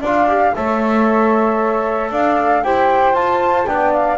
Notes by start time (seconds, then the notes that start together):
0.00 D4 F4 D5
0.07 F5
0.28 G4
0.55 A3 A4 C#5 E5
2.11 D4 D5 F5
2.63 E4 G4 C5 G5
3.13 F4 A5
3.66 B3 D4 D5 G5
3.93 F5